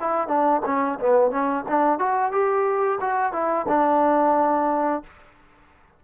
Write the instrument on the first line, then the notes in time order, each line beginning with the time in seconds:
trombone
0.00 E4
0.28 D4
0.65 C#4
1.00 B3
1.31 C#4
1.68 D4
1.99 F#4
2.32 G4
3.00 F#4
3.32 E4
3.68 D4